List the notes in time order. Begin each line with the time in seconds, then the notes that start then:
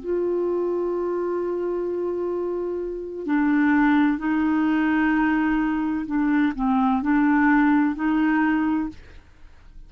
0.00 F4
3.27 D4
4.18 D#4
6.06 D4
6.55 C4
7.03 D4
7.96 D#4